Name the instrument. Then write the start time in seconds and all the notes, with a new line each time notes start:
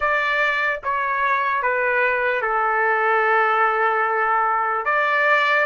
trumpet
0.00 D5
0.83 C#5
1.62 B4
2.41 A4
4.85 D5